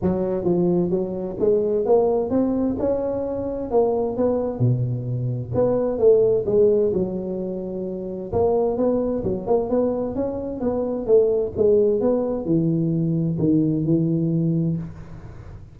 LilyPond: \new Staff \with { instrumentName = "tuba" } { \time 4/4 \tempo 4 = 130 fis4 f4 fis4 gis4 | ais4 c'4 cis'2 | ais4 b4 b,2 | b4 a4 gis4 fis4~ |
fis2 ais4 b4 | fis8 ais8 b4 cis'4 b4 | a4 gis4 b4 e4~ | e4 dis4 e2 | }